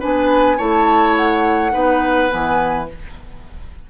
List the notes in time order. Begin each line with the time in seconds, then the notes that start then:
0.00 B3 D4 B4 G#5
0.58 A3 E4 C#5 A5
1.17 F#5
1.72 B3 D#4 B4
2.29 E3 B3 G#5